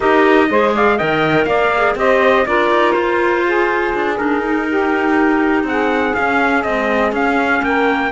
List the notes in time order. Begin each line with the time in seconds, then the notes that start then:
0.00 D#4 G4 A#4 D#5
0.49 G#3 G#4 C5
0.74 D5 F5
0.96 D#3 A#4 D#5 G5
1.45 A#3 D5 F5
1.76 G#4
1.95 C4 G4 C5 D#5
2.46 D4 F4 A#4 D5
2.70 D#4
2.92 F4 C5
3.45 G#4
3.94 D4
4.16 D4 D#4 A#4
4.44 D#4
4.68 G4
5.63 C4 G#4 F#5
6.14 C#4 F5
6.62 G#3 C4 D#5
7.12 C#4 F5
7.62 A#3 A#4 G5